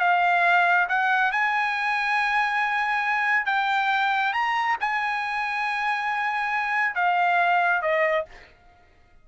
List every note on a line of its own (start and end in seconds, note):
0.00 0.87 F5
0.88 1.32 F#5
1.32 3.45 G#5
3.45 4.32 G5
4.33 4.76 A#5
4.80 6.95 G#5
6.95 7.82 F5
7.82 8.25 D#5